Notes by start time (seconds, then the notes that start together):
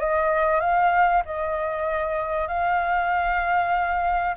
0.00 D#5
0.61 F5
1.26 D#5
2.48 F5